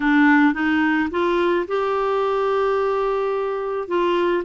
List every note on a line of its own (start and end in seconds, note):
0.00 0.53 D4
0.53 1.09 D#4
1.10 1.66 F4
1.67 3.88 G4
3.88 4.43 F4